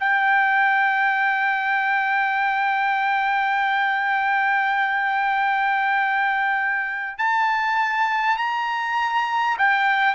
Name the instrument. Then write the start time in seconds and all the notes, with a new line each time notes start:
trumpet
0.00 G5
7.19 A5
8.37 A#5
9.59 G5